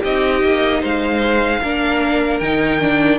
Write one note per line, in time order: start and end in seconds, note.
0.00 0.43 C4
0.00 1.63 D#4
0.00 0.79 G4
0.00 0.84 D#5
0.44 0.83 A#3
0.82 1.62 G#3
0.82 1.61 C5
0.82 2.39 F5
1.63 2.41 A#3
1.63 2.42 D4
1.63 3.19 A#4
2.39 3.19 D#3
2.39 2.81 D#4
2.39 3.18 G5
2.81 3.19 D4